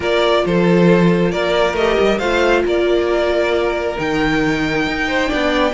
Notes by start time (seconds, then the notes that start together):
0.00 A#3 F4 A#4 D5
0.45 F3 A4 C5
1.31 A#3 A#4 D5
1.73 A3 G4 D#5
2.00 G3
2.18 A3 F4 C5 F5
2.65 A#3 A#4 D5
3.95 D#3 D#4 G5
4.86 D#4
5.07 C5
5.27 D4 D5
5.33 B3